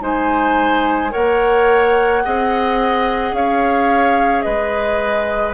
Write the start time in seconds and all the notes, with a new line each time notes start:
0.00 G#3 D#4 C5 G#5
1.10 A#3 A#4 C#5 F#5
2.24 C4 G#4 D#5
3.32 C#4 C#5 F5
4.42 G#3 B4 D#5